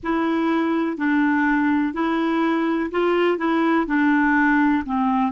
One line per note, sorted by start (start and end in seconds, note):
0.03 0.97 E4
0.97 1.93 D4
1.93 2.90 E4
2.91 3.37 F4
3.37 3.86 E4
3.86 4.83 D4
4.85 5.32 C4